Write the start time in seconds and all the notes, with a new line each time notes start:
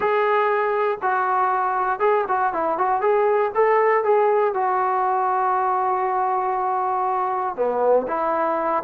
0.00 G#4
1.02 F#4
1.99 G#4
2.28 F#4
2.53 E4
2.78 F#4
3.01 G#4
3.55 A4
4.04 G#4
4.54 F#4
7.56 B3
8.07 E4